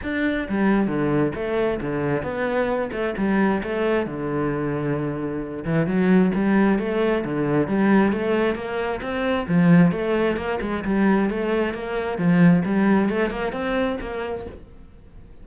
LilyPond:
\new Staff \with { instrumentName = "cello" } { \time 4/4 \tempo 4 = 133 d'4 g4 d4 a4 | d4 b4. a8 g4 | a4 d2.~ | d8 e8 fis4 g4 a4 |
d4 g4 a4 ais4 | c'4 f4 a4 ais8 gis8 | g4 a4 ais4 f4 | g4 a8 ais8 c'4 ais4 | }